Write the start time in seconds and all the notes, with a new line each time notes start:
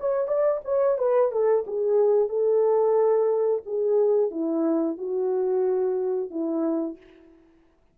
0.00 C#5
0.27 D5
0.64 C#5
0.98 B4
1.31 A4
1.66 G#4
2.29 A4
3.65 G#4
4.31 E4
4.97 F#4
6.30 E4